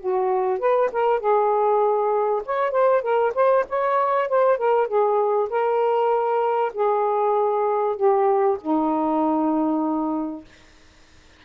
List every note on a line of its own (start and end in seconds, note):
0.00 0.59 F#4
0.59 0.90 B4
0.92 1.20 A#4
1.20 2.43 G#4
2.45 2.71 C#5
2.71 3.02 C5
3.02 3.33 A#4
3.35 3.65 C5
3.69 4.29 C#5
4.29 4.58 C5
4.58 4.88 A#4
4.88 5.49 G#4
5.50 6.72 A#4
6.74 7.96 G#4
7.96 8.58 G4
8.61 10.45 D#4